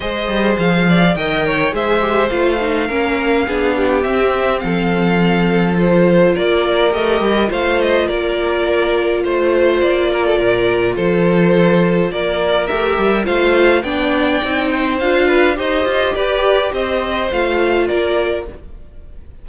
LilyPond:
<<
  \new Staff \with { instrumentName = "violin" } { \time 4/4 \tempo 4 = 104 dis''4 f''4 g''4 e''4 | f''2. e''4 | f''2 c''4 d''4 | dis''4 f''8 dis''8 d''2 |
c''4 d''2 c''4~ | c''4 d''4 e''4 f''4 | g''2 f''4 dis''4 | d''4 dis''4 f''4 d''4 | }
  \new Staff \with { instrumentName = "violin" } { \time 4/4 c''4. d''8 dis''8 cis''8 c''4~ | c''4 ais'4 gis'8 g'4. | a'2. ais'4~ | ais'4 c''4 ais'2 |
c''4. ais'16 a'16 ais'4 a'4~ | a'4 ais'2 c''4 | d''4. c''4 b'8 c''4 | b'4 c''2 ais'4 | }
  \new Staff \with { instrumentName = "viola" } { \time 4/4 gis'2 ais'4 gis'8 g'8 | f'8 dis'8 cis'4 d'4 c'4~ | c'2 f'2 | g'4 f'2.~ |
f'1~ | f'2 g'4 f'4 | d'4 dis'4 f'4 g'4~ | g'2 f'2 | }
  \new Staff \with { instrumentName = "cello" } { \time 4/4 gis8 g8 f4 dis4 gis4 | a4 ais4 b4 c'4 | f2. ais4 | a8 g8 a4 ais2 |
a4 ais4 ais,4 f4~ | f4 ais4 a8 g8 a4 | b4 c'4 d'4 dis'8 f'8 | g'4 c'4 a4 ais4 | }
>>